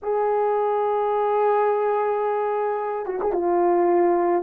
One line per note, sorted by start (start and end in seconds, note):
0.02 3.06 G#4
3.06 3.19 F#4
3.21 3.32 G#4
3.32 4.43 F4